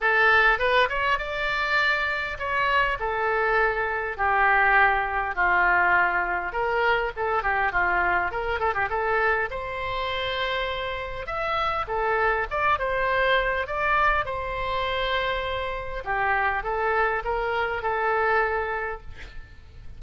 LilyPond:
\new Staff \with { instrumentName = "oboe" } { \time 4/4 \tempo 4 = 101 a'4 b'8 cis''8 d''2 | cis''4 a'2 g'4~ | g'4 f'2 ais'4 | a'8 g'8 f'4 ais'8 a'16 g'16 a'4 |
c''2. e''4 | a'4 d''8 c''4. d''4 | c''2. g'4 | a'4 ais'4 a'2 | }